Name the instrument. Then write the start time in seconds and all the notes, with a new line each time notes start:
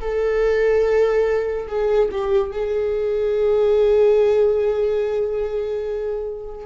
viola
0.00 A4
1.67 G#4
2.11 G4
2.52 G#4